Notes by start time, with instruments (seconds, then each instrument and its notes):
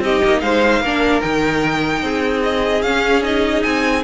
0.00 cello C4, viola D#4, violin G4 D#5
0.24 cello A#3
0.41 cello G#3, violin C5 F5
0.80 cello A#3, viola D4, violin A#4
1.21 cello D#3, viola D#4, violin G5
2.02 cello C4, violin G#4
2.44 violin D#5
2.82 cello C#4, viola C#4, violin F5
3.23 viola D#4, violin D#5
3.63 cello C4, violin G#5